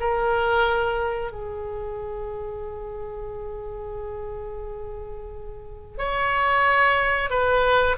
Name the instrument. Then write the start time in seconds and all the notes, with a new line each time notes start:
oboe
0.00 A#4
1.32 G#4
5.98 C#5
7.30 B4